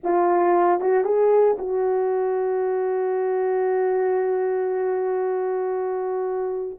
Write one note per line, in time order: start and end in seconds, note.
0.03 0.80 F4
0.80 1.04 F#4
1.04 1.56 G#4
1.58 6.78 F#4